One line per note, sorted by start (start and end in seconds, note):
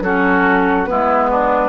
0.00 0.86 F#3
0.00 0.85 C#4
0.00 0.89 F#4
0.00 0.85 A4
0.85 1.69 G#3
0.85 1.69 B3
0.85 1.30 E4
0.85 1.69 B4
1.30 1.69 D4